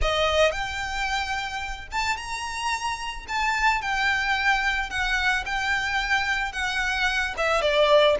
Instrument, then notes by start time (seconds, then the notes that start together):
violin
0.01 D#5
0.51 G5
1.91 A5
2.17 A#5
3.28 A5
3.81 G5
4.90 F#5
5.45 G5
6.52 F#5
7.37 E5
7.61 D5